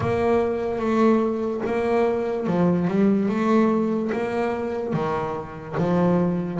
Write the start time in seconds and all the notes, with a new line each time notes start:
0.00 A#3
0.78 A3
1.65 A#3
2.47 F3
2.87 G3
3.28 A3
4.12 A#3
4.93 D#3
5.77 F3